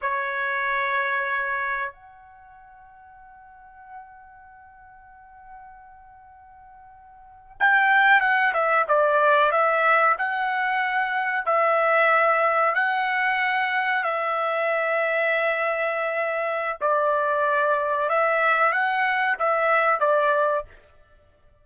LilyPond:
\new Staff \with { instrumentName = "trumpet" } { \time 4/4 \tempo 4 = 93 cis''2. fis''4~ | fis''1~ | fis''2.~ fis''8. g''16~ | g''8. fis''8 e''8 d''4 e''4 fis''16~ |
fis''4.~ fis''16 e''2 fis''16~ | fis''4.~ fis''16 e''2~ e''16~ | e''2 d''2 | e''4 fis''4 e''4 d''4 | }